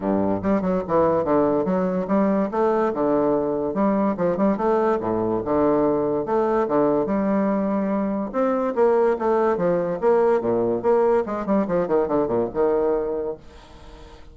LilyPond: \new Staff \with { instrumentName = "bassoon" } { \time 4/4 \tempo 4 = 144 g,4 g8 fis8 e4 d4 | fis4 g4 a4 d4~ | d4 g4 f8 g8 a4 | a,4 d2 a4 |
d4 g2. | c'4 ais4 a4 f4 | ais4 ais,4 ais4 gis8 g8 | f8 dis8 d8 ais,8 dis2 | }